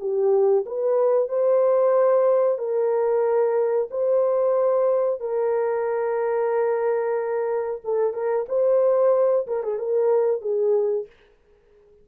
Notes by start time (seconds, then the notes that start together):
0.00 G4
0.66 B4
1.29 C5
2.58 A#4
3.90 C5
5.20 A#4
7.84 A4
8.13 A#4
8.49 C5
9.47 A#4
9.63 G#4
9.79 A#4
10.41 G#4